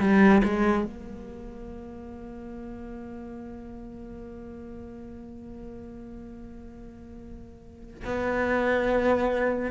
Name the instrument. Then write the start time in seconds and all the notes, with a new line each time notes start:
cello
0.00 G3
0.44 G#3
0.85 A#3
8.05 B3